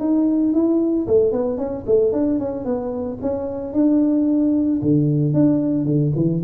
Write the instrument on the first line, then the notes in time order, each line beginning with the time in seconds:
tuba
0.00 D#4
0.54 E4
1.08 A3
1.32 B3
1.58 C#4
1.87 A3
2.13 D4
2.39 C#4
2.65 B3
3.22 C#4
3.74 D4
4.82 D3
5.34 D4
5.85 D3
6.16 E3